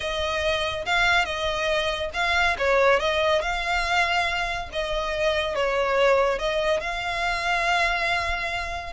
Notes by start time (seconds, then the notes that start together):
0.00 D#5
0.85 F5
1.25 D#5
2.13 F5
2.58 C#5
2.99 D#5
3.41 F5
4.72 D#5
5.55 C#5
6.38 D#5
6.80 F5